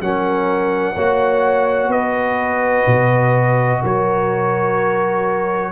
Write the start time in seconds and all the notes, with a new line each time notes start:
0.00 F#3 C#4 A#4 F#5
0.94 A#3 F#4 C#5
1.88 B3 B4 D#5
2.86 B2
3.81 F#3 A#4 C#5